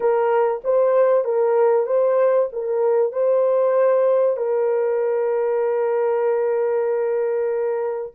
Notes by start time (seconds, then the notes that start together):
0.00 A#4
0.63 C5
1.24 A#4
1.86 C5
2.52 A#4
3.12 C5
4.37 A#4